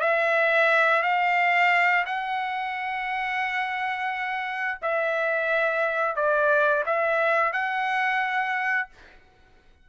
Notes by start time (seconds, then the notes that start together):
0.00 E5
1.02 F5
2.05 F#5
4.82 E5
6.15 D5
6.86 E5
7.52 F#5